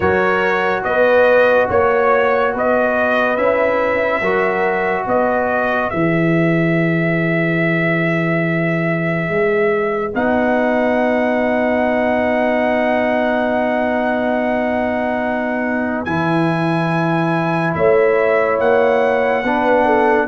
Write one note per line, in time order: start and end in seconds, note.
0.00 0.83 F#3
0.00 3.37 F#4
0.00 0.85 A#4
0.00 0.83 C#5
0.83 1.68 B3
0.83 1.67 B4
0.83 1.68 D#5
1.67 2.54 A#3
1.67 2.52 C#5
1.67 2.54 C#5
2.53 3.37 B3
2.53 4.22 B4
2.53 3.36 D#5
3.36 4.21 C#4
3.36 4.22 E4
3.36 5.05 E5
4.21 5.05 F#3
4.21 5.92 F#4
4.21 5.06 A#4
5.06 5.90 B3
5.06 17.73 B4
5.06 5.90 D#5
5.90 9.29 E3
5.90 10.14 G#4
5.90 10.12 E5
9.29 10.13 G#3
10.14 16.05 B3
10.14 16.05 D#4
10.14 16.04 F#5
16.04 17.74 E3
16.04 19.44 E4
16.04 17.73 G#5
17.74 18.59 A3
17.74 19.44 C#5
17.74 18.59 E5
18.59 19.43 A#3
18.59 20.27 F#5
19.43 20.27 B3
19.43 20.27 D4
19.43 19.85 B4
19.85 20.27 A4